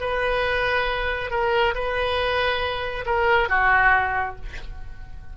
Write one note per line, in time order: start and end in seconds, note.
0.00 1.30 B4
1.30 1.74 A#4
1.75 3.05 B4
3.06 3.49 A#4
3.49 4.36 F#4